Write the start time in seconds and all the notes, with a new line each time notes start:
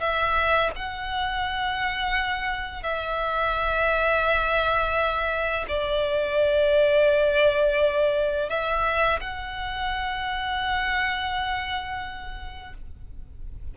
0.00 E5
0.76 F#5
2.83 E5
5.68 D5
8.49 E5
9.21 F#5